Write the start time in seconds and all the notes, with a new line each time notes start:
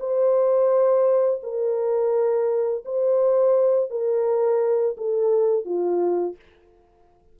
0.00 C5
1.43 A#4
2.86 C5
3.91 A#4
4.98 A4
5.65 F4